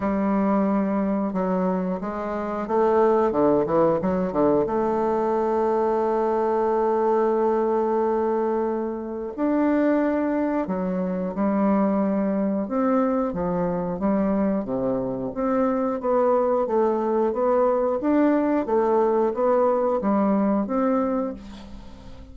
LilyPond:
\new Staff \with { instrumentName = "bassoon" } { \time 4/4 \tempo 4 = 90 g2 fis4 gis4 | a4 d8 e8 fis8 d8 a4~ | a1~ | a2 d'2 |
fis4 g2 c'4 | f4 g4 c4 c'4 | b4 a4 b4 d'4 | a4 b4 g4 c'4 | }